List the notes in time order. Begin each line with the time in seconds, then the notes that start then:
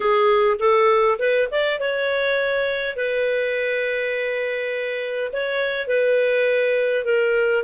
0.00 G#4
0.59 A4
1.18 B4
1.51 D5
1.80 C#5
2.96 B4
5.32 C#5
5.87 B4
7.04 A#4